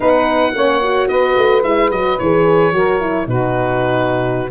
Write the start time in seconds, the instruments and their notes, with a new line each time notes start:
0.00 tuba B3, horn D#4, saxophone B4, oboe F#5
0.54 tuba A#3, horn C#4, saxophone C#5
0.81 horn F#4
1.08 tuba B3, saxophone B4, oboe D#5
1.37 tuba A3
1.63 tuba G#3, horn E4, oboe E5
1.90 tuba F#3, horn F#4, oboe D#5
2.18 tuba E3, horn G#4, oboe C#5
2.72 tuba F#3, horn F#4, saxophone A#4
3.00 horn E4
3.26 tuba B2, horn D#4, saxophone F#4, oboe B4